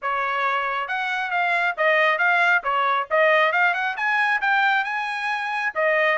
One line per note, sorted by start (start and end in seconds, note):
0.02 0.88 C#5
0.88 1.30 F#5
1.30 1.74 F5
1.77 2.18 D#5
2.18 2.62 F5
2.63 3.07 C#5
3.10 3.52 D#5
3.52 3.74 F5
3.74 3.96 F#5
3.96 4.40 G#5
4.41 4.84 G5
4.84 5.72 G#5
5.74 6.18 D#5